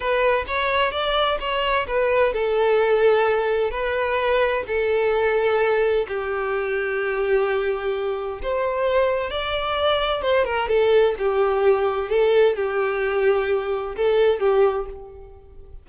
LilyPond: \new Staff \with { instrumentName = "violin" } { \time 4/4 \tempo 4 = 129 b'4 cis''4 d''4 cis''4 | b'4 a'2. | b'2 a'2~ | a'4 g'2.~ |
g'2 c''2 | d''2 c''8 ais'8 a'4 | g'2 a'4 g'4~ | g'2 a'4 g'4 | }